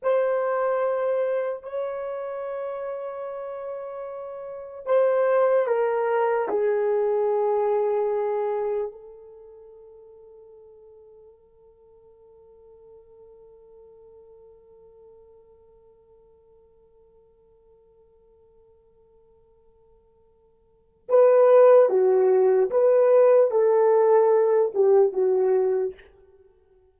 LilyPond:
\new Staff \with { instrumentName = "horn" } { \time 4/4 \tempo 4 = 74 c''2 cis''2~ | cis''2 c''4 ais'4 | gis'2. a'4~ | a'1~ |
a'1~ | a'1~ | a'2 b'4 fis'4 | b'4 a'4. g'8 fis'4 | }